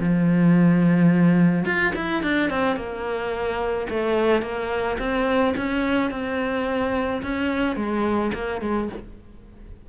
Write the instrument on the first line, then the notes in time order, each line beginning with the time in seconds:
cello
0.00 F3
1.66 F4
1.96 E4
2.23 D4
2.50 C4
2.77 A#3
3.90 A3
4.42 A#3
4.99 C4
5.57 C#4
6.11 C4
7.23 C#4
7.77 G#3
8.35 A#3
8.62 G#3